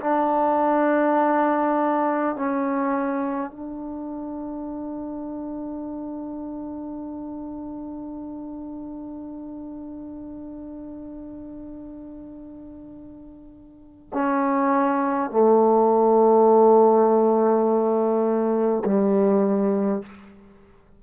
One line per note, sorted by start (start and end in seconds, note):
0.00 2.35 D4
2.35 3.51 C#4
3.51 14.10 D4
14.13 15.30 C#4
15.30 18.83 A3
18.85 20.03 G3